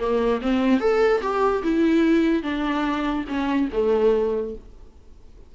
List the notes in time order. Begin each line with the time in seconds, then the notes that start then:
0.00 A#3
0.42 C4
0.80 A4
1.22 G4
1.63 E4
2.43 D4
3.28 C#4
3.73 A3